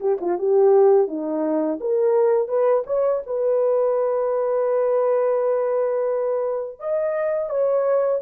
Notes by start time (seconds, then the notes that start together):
0.00 G4
0.20 F4
0.38 G4
1.07 D#4
1.80 A#4
2.48 B4
2.86 C#5
3.26 B4
6.79 D#5
7.50 C#5